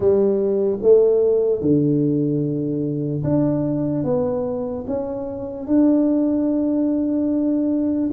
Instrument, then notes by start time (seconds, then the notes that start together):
tuba
0.00 G3
0.82 A3
1.61 D3
3.23 D4
4.04 B3
4.86 C#4
5.66 D4